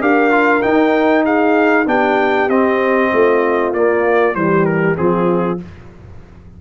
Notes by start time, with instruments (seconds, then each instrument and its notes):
0.00 tuba D4, trombone G4, horn A#4, trumpet F5
0.30 trombone F4
0.61 trombone D#4, tuba D#4, trumpet G5
1.24 horn G#4, trumpet F5
1.86 tuba B3, trombone D4, horn G4, trumpet G5
2.48 tuba C4, trombone C4, trumpet D#5
3.12 tuba A3, horn F4
3.73 tuba A#3, trombone A#3, trumpet D5
4.34 tuba E3, trombone G3, horn G4, trumpet C5
4.65 trumpet A#4
4.95 tuba F3, trombone C4, horn F4, trumpet G#4